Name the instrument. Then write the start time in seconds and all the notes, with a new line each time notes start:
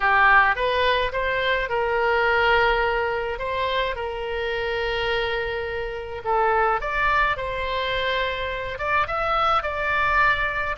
oboe
0.00 G4
0.55 B4
1.12 C5
1.69 A#4
3.39 C5
3.95 A#4
6.24 A4
6.81 D5
7.36 C5
8.78 D5
9.07 E5
9.62 D5